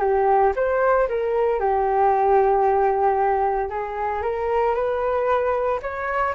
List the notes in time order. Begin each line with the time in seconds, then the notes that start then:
0.00 G4
0.55 C5
1.08 A#4
1.59 G4
3.69 G#4
4.22 A#4
4.74 B4
5.82 C#5